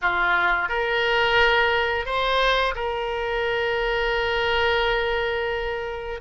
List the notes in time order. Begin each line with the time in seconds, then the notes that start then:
0.01 F4
0.69 A#4
2.05 C5
2.75 A#4